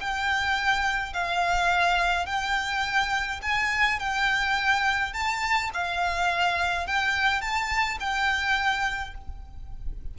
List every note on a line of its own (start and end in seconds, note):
0.00 1.13 G5
1.13 2.26 F5
2.26 3.40 G5
3.42 3.99 G#5
3.99 5.13 G5
5.13 5.70 A5
5.74 6.86 F5
6.86 7.41 G5
7.41 7.98 A5
8.00 9.14 G5